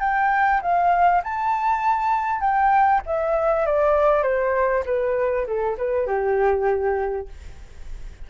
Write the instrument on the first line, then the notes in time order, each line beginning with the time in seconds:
flute
0.00 G5
0.61 F5
1.24 A5
2.40 G5
3.06 E5
3.66 D5
4.23 C5
4.86 B4
5.47 A4
5.77 B4
6.07 G4